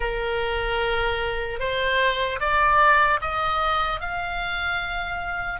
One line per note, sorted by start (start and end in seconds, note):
0.00 1.59 A#4
1.59 2.39 C5
2.40 3.20 D5
3.21 4.00 D#5
4.00 5.60 F5